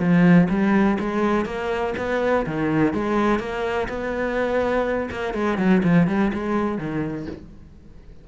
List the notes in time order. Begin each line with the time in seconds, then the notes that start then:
0.00 F3
0.50 G3
1.00 G#3
1.46 A#3
1.98 B3
2.47 D#3
2.94 G#3
3.40 A#3
3.89 B3
5.12 A#3
5.34 G#3
5.58 F#3
5.84 F3
6.08 G3
6.34 G#3
6.79 D#3